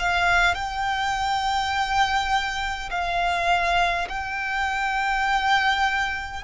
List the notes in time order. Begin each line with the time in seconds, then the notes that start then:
0.00 F5
0.55 G5
2.91 F5
4.09 G5